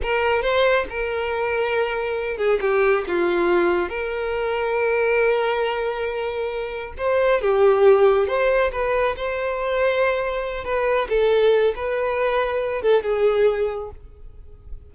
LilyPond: \new Staff \with { instrumentName = "violin" } { \time 4/4 \tempo 4 = 138 ais'4 c''4 ais'2~ | ais'4. gis'8 g'4 f'4~ | f'4 ais'2.~ | ais'1 |
c''4 g'2 c''4 | b'4 c''2.~ | c''8 b'4 a'4. b'4~ | b'4. a'8 gis'2 | }